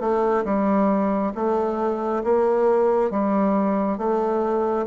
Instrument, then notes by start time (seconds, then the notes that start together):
bassoon
0.00 A3
0.44 G3
1.35 A3
2.23 A#3
3.10 G3
3.97 A3